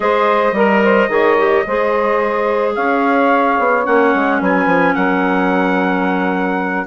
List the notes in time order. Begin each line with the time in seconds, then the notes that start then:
0.00 G#3 G#4 C5 D#5
0.52 G3 A#4
0.83 C5
1.08 D#3 G#4 C#5
1.37 G4
1.66 G#3 G#4 C5
2.75 C#4 C#5 F5
3.58 B3
3.84 A#3 C#4 F#5
4.14 G#3
4.40 F#3 B4 G#5
4.66 F3
4.94 F#3 A#4 F#5